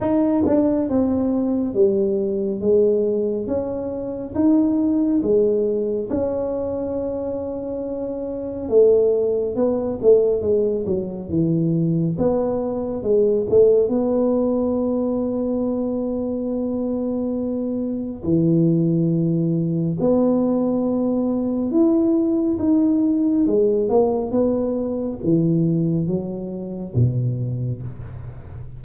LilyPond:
\new Staff \with { instrumentName = "tuba" } { \time 4/4 \tempo 4 = 69 dis'8 d'8 c'4 g4 gis4 | cis'4 dis'4 gis4 cis'4~ | cis'2 a4 b8 a8 | gis8 fis8 e4 b4 gis8 a8 |
b1~ | b4 e2 b4~ | b4 e'4 dis'4 gis8 ais8 | b4 e4 fis4 b,4 | }